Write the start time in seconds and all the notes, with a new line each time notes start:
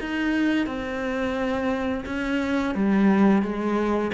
0.00 D#4
0.66 C4
2.05 C#4
2.74 G3
3.42 G#3